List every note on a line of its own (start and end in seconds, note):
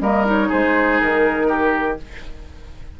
0.00 0.49 G3
0.00 0.25 A#3
0.00 0.48 A#4
0.00 0.26 D#5
0.25 1.97 D#4
0.25 0.52 C#5
0.48 1.01 G#3
0.48 1.47 G#4
0.48 1.00 C5
1.00 2.00 D#3
1.00 1.98 A#4
1.48 1.97 G4